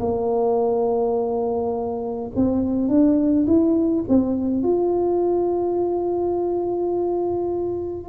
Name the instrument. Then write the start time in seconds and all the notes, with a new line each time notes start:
tuba
0.00 A#3
2.35 C4
2.88 D4
3.47 E4
4.09 C4
4.63 F4